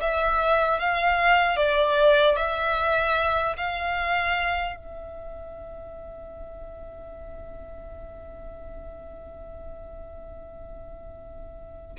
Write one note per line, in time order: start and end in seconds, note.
0.00 0.79 E5
0.79 1.56 F5
1.56 2.36 D5
2.36 3.56 E5
3.57 4.76 F5
4.76 11.96 E5